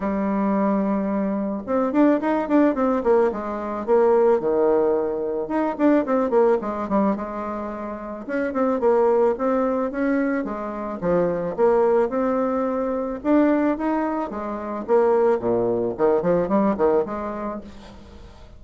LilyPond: \new Staff \with { instrumentName = "bassoon" } { \time 4/4 \tempo 4 = 109 g2. c'8 d'8 | dis'8 d'8 c'8 ais8 gis4 ais4 | dis2 dis'8 d'8 c'8 ais8 | gis8 g8 gis2 cis'8 c'8 |
ais4 c'4 cis'4 gis4 | f4 ais4 c'2 | d'4 dis'4 gis4 ais4 | ais,4 dis8 f8 g8 dis8 gis4 | }